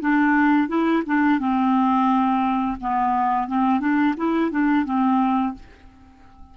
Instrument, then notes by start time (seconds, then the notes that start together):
clarinet
0.00 D4
0.68 E4
1.06 D4
1.39 C4
2.80 B3
3.47 C4
3.80 D4
4.17 E4
4.51 D4
4.85 C4